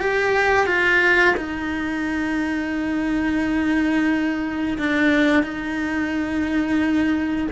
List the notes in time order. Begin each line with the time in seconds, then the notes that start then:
0.00 G4
0.67 F4
1.37 D#4
4.78 D4
5.43 D#4